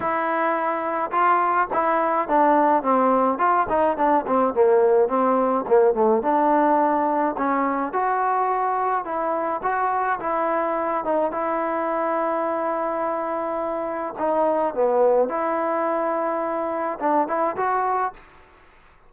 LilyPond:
\new Staff \with { instrumentName = "trombone" } { \time 4/4 \tempo 4 = 106 e'2 f'4 e'4 | d'4 c'4 f'8 dis'8 d'8 c'8 | ais4 c'4 ais8 a8 d'4~ | d'4 cis'4 fis'2 |
e'4 fis'4 e'4. dis'8 | e'1~ | e'4 dis'4 b4 e'4~ | e'2 d'8 e'8 fis'4 | }